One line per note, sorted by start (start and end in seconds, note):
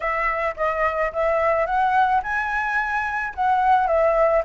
0.00 0.55 E5
0.56 1.11 D#5
1.12 1.66 E5
1.66 2.21 F#5
2.22 3.34 G#5
3.34 3.87 F#5
3.87 4.42 E5